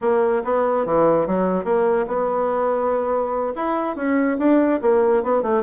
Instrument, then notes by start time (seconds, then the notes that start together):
bassoon
0.01 A#3
0.44 B3
0.85 E3
1.26 F#3
1.64 A#3
2.07 B3
3.55 E4
3.95 C#4
4.38 D4
4.81 A#3
5.23 B3
5.42 A3